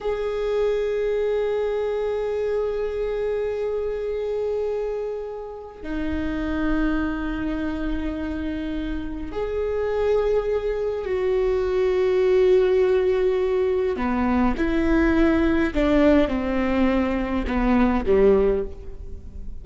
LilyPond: \new Staff \with { instrumentName = "viola" } { \time 4/4 \tempo 4 = 103 gis'1~ | gis'1~ | gis'2 dis'2~ | dis'1 |
gis'2. fis'4~ | fis'1 | b4 e'2 d'4 | c'2 b4 g4 | }